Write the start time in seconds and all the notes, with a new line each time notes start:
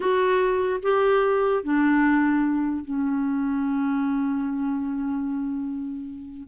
0.00 F#4
0.82 G4
1.63 D4
2.84 C#4